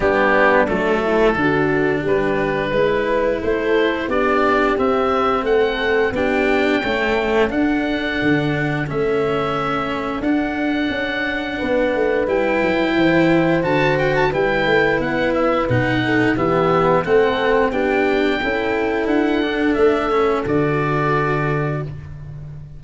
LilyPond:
<<
  \new Staff \with { instrumentName = "oboe" } { \time 4/4 \tempo 4 = 88 g'4 a'2 b'4~ | b'4 c''4 d''4 e''4 | fis''4 g''2 fis''4~ | fis''4 e''2 fis''4~ |
fis''2 g''2 | a''8 g''16 a''16 g''4 fis''8 e''8 fis''4 | e''4 fis''4 g''2 | fis''4 e''4 d''2 | }
  \new Staff \with { instrumentName = "horn" } { \time 4/4 d'4. e'8 fis'4 g'4 | b'4 a'4 g'2 | a'4 g'4 a'2~ | a'1~ |
a'4 b'2 c''4~ | c''4 b'2~ b'8 a'8 | g'4 a'4 g'4 a'4~ | a'1 | }
  \new Staff \with { instrumentName = "cello" } { \time 4/4 b4 a4 d'2 | e'2 d'4 c'4~ | c'4 d'4 a4 d'4~ | d'4 cis'2 d'4~ |
d'2 e'2 | fis'4 e'2 dis'4 | b4 c'4 d'4 e'4~ | e'8 d'4 cis'8 fis'2 | }
  \new Staff \with { instrumentName = "tuba" } { \time 4/4 g4 fis4 d4 g4 | gis4 a4 b4 c'4 | a4 b4 cis'4 d'4 | d4 a2 d'4 |
cis'4 b8 a8 g8 fis8 e4 | d4 g8 a8 b4 b,4 | e4 a4 b4 cis'4 | d'4 a4 d2 | }
>>